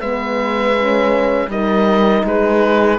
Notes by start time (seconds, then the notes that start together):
0.00 G#3 B3 B4 E5
0.76 C#4
1.47 G3 D#4 A#4 D#5
2.24 G#3 G#4 B4